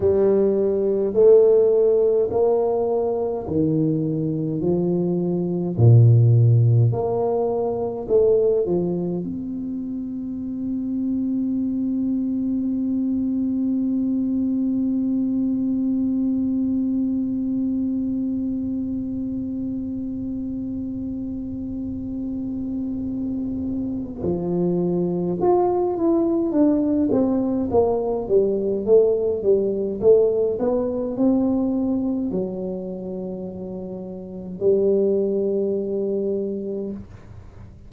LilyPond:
\new Staff \with { instrumentName = "tuba" } { \time 4/4 \tempo 4 = 52 g4 a4 ais4 dis4 | f4 ais,4 ais4 a8 f8 | c'1~ | c'1~ |
c'1~ | c'4 f4 f'8 e'8 d'8 c'8 | ais8 g8 a8 g8 a8 b8 c'4 | fis2 g2 | }